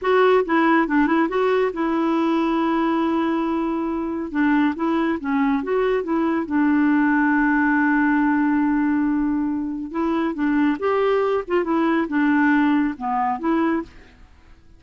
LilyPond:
\new Staff \with { instrumentName = "clarinet" } { \time 4/4 \tempo 4 = 139 fis'4 e'4 d'8 e'8 fis'4 | e'1~ | e'2 d'4 e'4 | cis'4 fis'4 e'4 d'4~ |
d'1~ | d'2. e'4 | d'4 g'4. f'8 e'4 | d'2 b4 e'4 | }